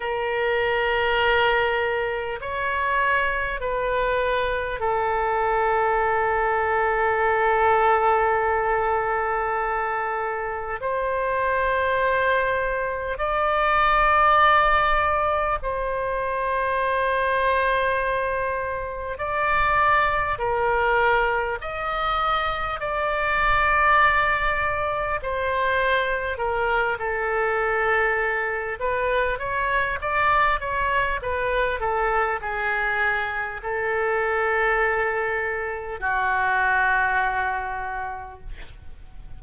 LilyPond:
\new Staff \with { instrumentName = "oboe" } { \time 4/4 \tempo 4 = 50 ais'2 cis''4 b'4 | a'1~ | a'4 c''2 d''4~ | d''4 c''2. |
d''4 ais'4 dis''4 d''4~ | d''4 c''4 ais'8 a'4. | b'8 cis''8 d''8 cis''8 b'8 a'8 gis'4 | a'2 fis'2 | }